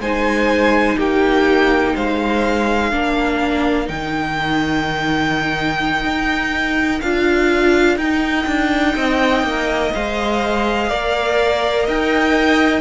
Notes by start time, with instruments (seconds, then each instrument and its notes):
0.00 cello G#3, viola D#4, violin C5 G#5
0.96 cello A#3, violin G4 G5
1.95 cello G#3, violin C5 F5
2.91 cello A#3, viola D4, violin A#4
3.85 cello D#3, viola D#4, violin G5
6.04 cello D#4
7.01 cello D4, viola F4, violin F5
7.97 cello D#4, viola D#4, violin G5
8.47 cello D4
8.96 cello C4, violin D#5
9.43 cello A#3
9.94 cello G#3, viola C5, violin F5
10.89 cello A#3, viola A#4, violin D5
11.85 cello D#4, violin D#5 G5